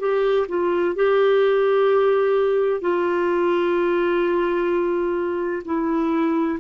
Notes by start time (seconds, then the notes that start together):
0.00 G4
0.49 F4
0.96 G4
2.81 F4
5.65 E4